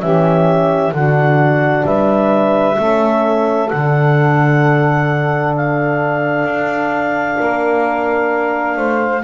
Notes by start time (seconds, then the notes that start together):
0.00 E3 C#4 G4 E5
0.91 D3 D4 F#4 F#5
1.84 G3 B4 E5
2.77 A3 C#4 A4
3.68 D3 D4 F#5
5.56 F5
6.44 D4
7.38 A#3 A#4
8.76 A3 C5